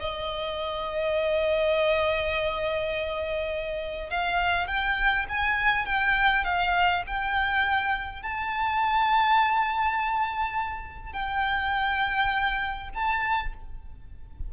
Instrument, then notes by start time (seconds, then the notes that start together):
violin
0.00 D#5
4.10 F5
4.67 G5
5.29 G#5
5.86 G5
6.44 F5
7.07 G5
8.22 A5
11.13 G5
12.95 A5